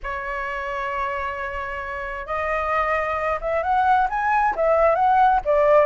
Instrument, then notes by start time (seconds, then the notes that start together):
flute
0.03 C#5
2.26 D#5
3.40 E5
3.63 F#5
4.09 G#5
4.55 E5
4.95 F#5
5.44 D5